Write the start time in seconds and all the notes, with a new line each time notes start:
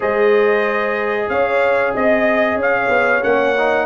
0.00 G#3 G#4 C5 D#5
1.28 C#4 C#5 F5
1.94 C4 D#5
2.55 C#4 C#5
2.62 F5
2.88 B3
3.22 A#3 C#4 F#5
3.58 D#4